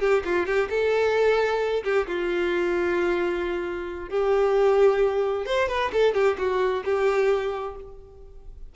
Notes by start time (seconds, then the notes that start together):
0.00 G4
0.25 F4
0.46 G4
0.70 A4
1.84 G4
2.07 F4
4.09 G4
5.46 C5
5.68 B4
5.92 A4
6.14 G4
6.38 F#4
6.85 G4